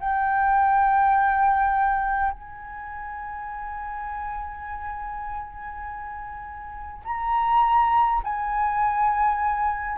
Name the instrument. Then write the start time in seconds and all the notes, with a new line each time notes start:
flute
0.00 G5
2.31 G#5
7.04 A#5
8.23 G#5